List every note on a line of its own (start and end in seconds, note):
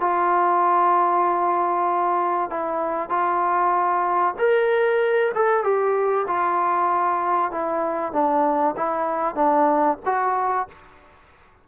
0.00 2.50 F4
2.50 3.09 E4
3.09 4.34 F4
4.38 5.32 A#4
5.34 5.63 A4
5.63 6.26 G4
6.27 7.51 F4
7.51 8.12 E4
8.12 8.75 D4
8.76 9.35 E4
9.35 9.97 D4
10.05 10.68 F#4